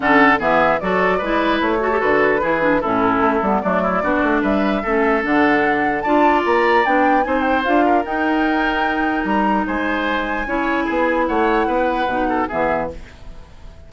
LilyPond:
<<
  \new Staff \with { instrumentName = "flute" } { \time 4/4 \tempo 4 = 149 fis''4 e''4 d''2 | cis''4 b'2 a'4~ | a'4 d''2 e''4~ | e''4 fis''2 a''4 |
ais''4 g''4 gis''8 g''8 f''4 | g''2. ais''4 | gis''1 | fis''2. e''4 | }
  \new Staff \with { instrumentName = "oboe" } { \time 4/4 a'4 gis'4 a'4 b'4~ | b'8 a'4. gis'4 e'4~ | e'4 d'8 e'8 fis'4 b'4 | a'2. d''4~ |
d''2 c''4. ais'8~ | ais'1 | c''2 cis''4 gis'4 | cis''4 b'4. a'8 gis'4 | }
  \new Staff \with { instrumentName = "clarinet" } { \time 4/4 cis'4 b4 fis'4 e'4~ | e'8 fis'16 g'16 fis'4 e'8 d'8 cis'4~ | cis'8 b8 a4 d'2 | cis'4 d'2 f'4~ |
f'4 d'4 dis'4 f'4 | dis'1~ | dis'2 e'2~ | e'2 dis'4 b4 | }
  \new Staff \with { instrumentName = "bassoon" } { \time 4/4 d4 e4 fis4 gis4 | a4 d4 e4 a,4 | a8 g8 fis4 b8 a8 g4 | a4 d2 d'4 |
ais4 b4 c'4 d'4 | dis'2. g4 | gis2 cis'4 b4 | a4 b4 b,4 e4 | }
>>